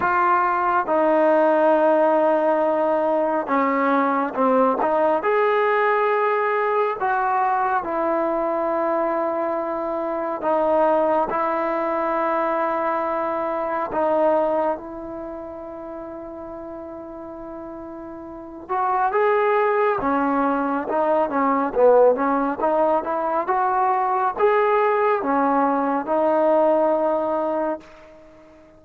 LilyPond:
\new Staff \with { instrumentName = "trombone" } { \time 4/4 \tempo 4 = 69 f'4 dis'2. | cis'4 c'8 dis'8 gis'2 | fis'4 e'2. | dis'4 e'2. |
dis'4 e'2.~ | e'4. fis'8 gis'4 cis'4 | dis'8 cis'8 b8 cis'8 dis'8 e'8 fis'4 | gis'4 cis'4 dis'2 | }